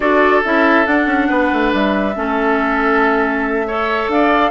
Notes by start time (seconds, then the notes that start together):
0.00 D4 F#4 A4 D5
0.44 C#4 E4 E5
0.85 D4 F#5
1.05 C#4
1.28 B3 B4
1.52 A3
1.73 G3 E5
2.15 A3 C#4 A4
3.67 A4 C#5
4.08 D4 D5 F5